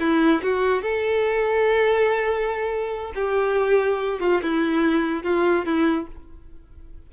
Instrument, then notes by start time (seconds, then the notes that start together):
violin
0.00 E4
0.43 F#4
0.82 A4
3.15 G4
4.20 F4
4.42 E4
5.24 F4
5.65 E4